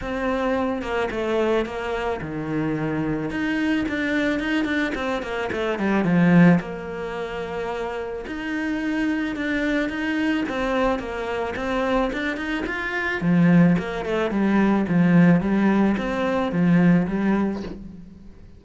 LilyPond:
\new Staff \with { instrumentName = "cello" } { \time 4/4 \tempo 4 = 109 c'4. ais8 a4 ais4 | dis2 dis'4 d'4 | dis'8 d'8 c'8 ais8 a8 g8 f4 | ais2. dis'4~ |
dis'4 d'4 dis'4 c'4 | ais4 c'4 d'8 dis'8 f'4 | f4 ais8 a8 g4 f4 | g4 c'4 f4 g4 | }